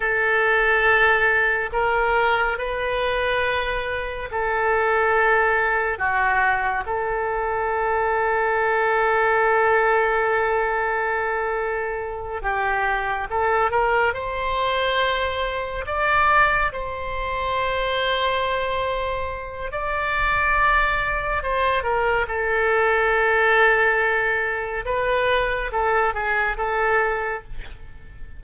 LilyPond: \new Staff \with { instrumentName = "oboe" } { \time 4/4 \tempo 4 = 70 a'2 ais'4 b'4~ | b'4 a'2 fis'4 | a'1~ | a'2~ a'8 g'4 a'8 |
ais'8 c''2 d''4 c''8~ | c''2. d''4~ | d''4 c''8 ais'8 a'2~ | a'4 b'4 a'8 gis'8 a'4 | }